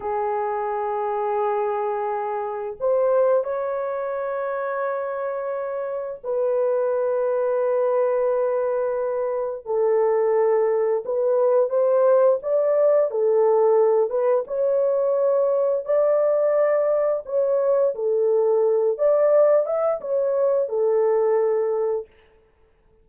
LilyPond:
\new Staff \with { instrumentName = "horn" } { \time 4/4 \tempo 4 = 87 gis'1 | c''4 cis''2.~ | cis''4 b'2.~ | b'2 a'2 |
b'4 c''4 d''4 a'4~ | a'8 b'8 cis''2 d''4~ | d''4 cis''4 a'4. d''8~ | d''8 e''8 cis''4 a'2 | }